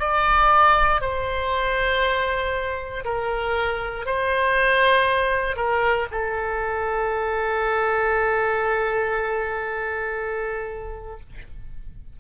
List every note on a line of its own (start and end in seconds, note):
0.00 1.01 D5
1.01 3.05 C5
3.05 4.06 A#4
4.06 5.57 C5
5.57 6.07 A#4
6.12 11.20 A4